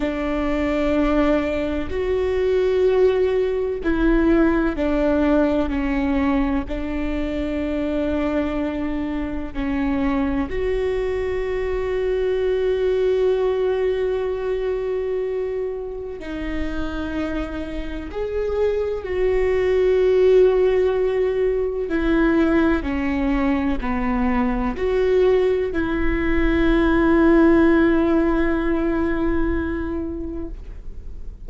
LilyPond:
\new Staff \with { instrumentName = "viola" } { \time 4/4 \tempo 4 = 63 d'2 fis'2 | e'4 d'4 cis'4 d'4~ | d'2 cis'4 fis'4~ | fis'1~ |
fis'4 dis'2 gis'4 | fis'2. e'4 | cis'4 b4 fis'4 e'4~ | e'1 | }